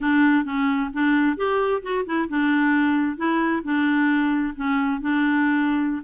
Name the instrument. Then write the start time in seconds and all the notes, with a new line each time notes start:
clarinet
0.00 D4
0.44 C#4
0.93 D4
1.36 G4
1.82 F#4
2.05 E4
2.29 D4
3.17 E4
3.63 D4
4.55 C#4
5.00 D4